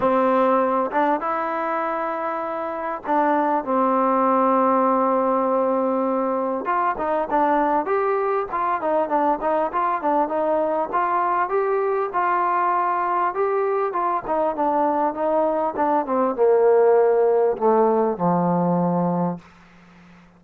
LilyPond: \new Staff \with { instrumentName = "trombone" } { \time 4/4 \tempo 4 = 99 c'4. d'8 e'2~ | e'4 d'4 c'2~ | c'2. f'8 dis'8 | d'4 g'4 f'8 dis'8 d'8 dis'8 |
f'8 d'8 dis'4 f'4 g'4 | f'2 g'4 f'8 dis'8 | d'4 dis'4 d'8 c'8 ais4~ | ais4 a4 f2 | }